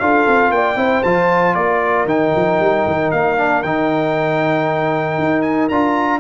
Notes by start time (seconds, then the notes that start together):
0.00 D4 F4 A4 F5
0.28 C4
0.50 A#3 D5 G5
0.76 C4 E4 C5
1.03 F3 F4 A5
1.55 A#3 A#4 D5
2.05 D#3 D#4 G5
2.36 F3
2.60 G3
2.87 D#3
3.11 A#3 F5
3.37 D4
3.63 D#3 D#4 G5
5.19 D#4
5.42 G#5
5.69 D4 F4 A#5